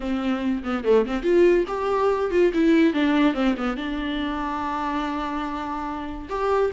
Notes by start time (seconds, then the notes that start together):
0.00 C4
0.63 B3
0.84 A3
1.05 C4
1.22 F4
1.67 G4
2.31 F4
2.53 E4
2.93 D4
3.34 C4
3.57 B3
3.76 D4
6.29 G4